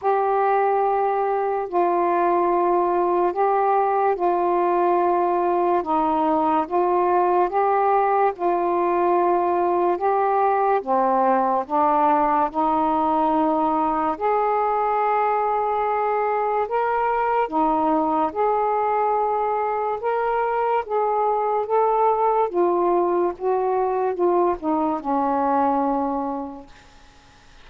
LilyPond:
\new Staff \with { instrumentName = "saxophone" } { \time 4/4 \tempo 4 = 72 g'2 f'2 | g'4 f'2 dis'4 | f'4 g'4 f'2 | g'4 c'4 d'4 dis'4~ |
dis'4 gis'2. | ais'4 dis'4 gis'2 | ais'4 gis'4 a'4 f'4 | fis'4 f'8 dis'8 cis'2 | }